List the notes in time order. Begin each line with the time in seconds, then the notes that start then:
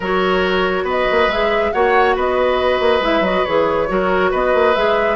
0.00 F#3 F#4 A#4 C#5
0.83 B3 B4
0.90 D#5
1.11 A#3
1.27 G#3 G#4 E5
1.72 A#3 F#4 C#5 F#5
2.15 B3 B4 D#5
2.80 A#3
3.00 G#3 E4 E5
3.20 F#3 F#4 D#5
3.45 E3 G#4 C#5
3.87 F#3 F#4 A#4
4.31 B3 B4 D#5
4.54 A#3
4.74 G#3 G#4 E5